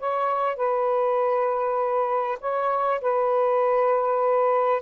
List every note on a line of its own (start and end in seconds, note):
0.00 0.57 C#5
0.57 2.39 B4
2.41 3.01 C#5
3.01 4.82 B4